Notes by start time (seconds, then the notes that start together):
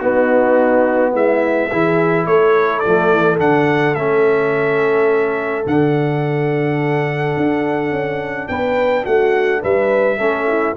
0.00 B3 D#4 F#4
1.12 G#3 E4 E5
1.69 E3 E4 G#4
2.27 A3 A4 C#5
2.80 D5
2.87 F3 A3
3.12 E3
3.39 D3 D4 F#5
3.95 A3 C#4 E5
5.65 D3 D4 F#5
7.37 D4
7.92 C#4
8.49 B3 B4 G5
9.04 A3 F#4 F#5
9.62 G3 B4 E5
10.19 A3 C#4 A4
10.49 E4